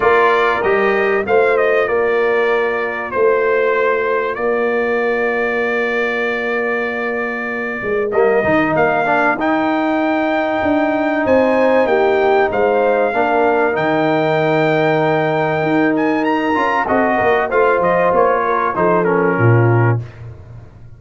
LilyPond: <<
  \new Staff \with { instrumentName = "trumpet" } { \time 4/4 \tempo 4 = 96 d''4 dis''4 f''8 dis''8 d''4~ | d''4 c''2 d''4~ | d''1~ | d''4 dis''4 f''4 g''4~ |
g''2 gis''4 g''4 | f''2 g''2~ | g''4. gis''8 ais''4 dis''4 | f''8 dis''8 cis''4 c''8 ais'4. | }
  \new Staff \with { instrumentName = "horn" } { \time 4/4 ais'2 c''4 ais'4~ | ais'4 c''2 ais'4~ | ais'1~ | ais'1~ |
ais'2 c''4 g'4 | c''4 ais'2.~ | ais'2. a'8 ais'8 | c''4. ais'8 a'4 f'4 | }
  \new Staff \with { instrumentName = "trombone" } { \time 4/4 f'4 g'4 f'2~ | f'1~ | f'1~ | f'4 ais8 dis'4 d'8 dis'4~ |
dis'1~ | dis'4 d'4 dis'2~ | dis'2~ dis'8 f'8 fis'4 | f'2 dis'8 cis'4. | }
  \new Staff \with { instrumentName = "tuba" } { \time 4/4 ais4 g4 a4 ais4~ | ais4 a2 ais4~ | ais1~ | ais8 gis8 g8 dis8 ais4 dis'4~ |
dis'4 d'4 c'4 ais4 | gis4 ais4 dis2~ | dis4 dis'4. cis'8 c'8 ais8 | a8 f8 ais4 f4 ais,4 | }
>>